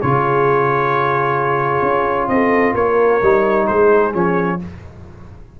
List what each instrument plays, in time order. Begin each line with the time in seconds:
0.00 tuba C#3, trombone F4, horn G#4, trumpet C#5
1.82 tuba C#4
2.28 tuba C4, horn A4, trumpet D#5
2.74 tuba A#3, horn A#4, trumpet C#5
3.22 tuba G3, trombone D#4
3.66 tuba G#3, horn G#4, trumpet C5
4.13 tuba F3, trombone C#4, trumpet C#5